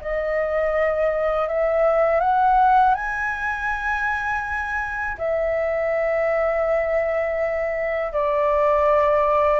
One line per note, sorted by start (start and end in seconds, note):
0.00 1.48 D#5
1.48 2.20 E5
2.20 2.94 F#5
2.94 5.16 G#5
5.18 8.12 E5
8.12 9.60 D5